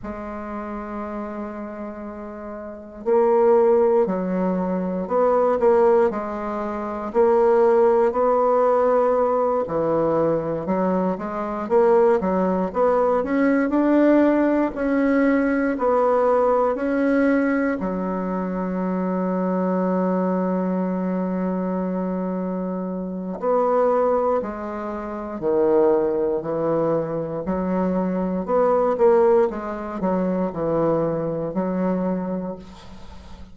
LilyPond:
\new Staff \with { instrumentName = "bassoon" } { \time 4/4 \tempo 4 = 59 gis2. ais4 | fis4 b8 ais8 gis4 ais4 | b4. e4 fis8 gis8 ais8 | fis8 b8 cis'8 d'4 cis'4 b8~ |
b8 cis'4 fis2~ fis8~ | fis2. b4 | gis4 dis4 e4 fis4 | b8 ais8 gis8 fis8 e4 fis4 | }